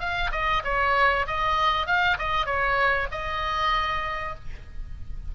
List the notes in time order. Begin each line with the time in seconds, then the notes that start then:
0.00 F5
0.32 D#5
0.64 C#5
1.27 D#5
1.87 F5
2.19 D#5
2.46 C#5
3.12 D#5